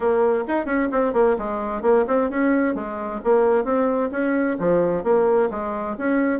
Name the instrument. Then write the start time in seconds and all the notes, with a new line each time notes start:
bassoon
0.00 A#3
0.47 D#4
0.65 C#4
0.91 C4
1.13 A#3
1.38 G#3
1.82 A#3
2.07 C4
2.30 C#4
2.75 G#3
3.24 A#3
3.64 C4
4.11 C#4
4.59 F3
5.03 A#3
5.50 G#3
5.98 C#4